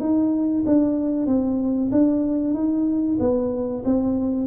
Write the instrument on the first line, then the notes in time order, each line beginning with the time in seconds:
tuba
0.00 D#4
0.66 D4
1.26 C4
1.91 D4
2.54 D#4
3.19 B3
3.85 C4